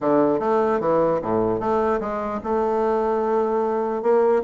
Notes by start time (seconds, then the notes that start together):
0.01 D3
0.39 A3
0.80 E3
1.22 A2
1.59 A3
2.00 G#3
2.43 A3
4.02 A#3